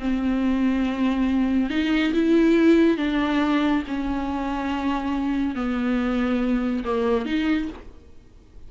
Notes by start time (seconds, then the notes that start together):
0.00 C4
1.70 D#4
2.14 E4
2.98 D4
3.88 C#4
5.56 B3
6.85 A#3
7.26 D#4